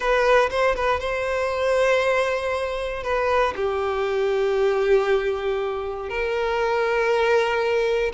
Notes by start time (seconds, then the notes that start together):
0.00 B4
0.50 C5
0.75 B4
1.00 C5
3.03 B4
3.55 G4
6.09 A#4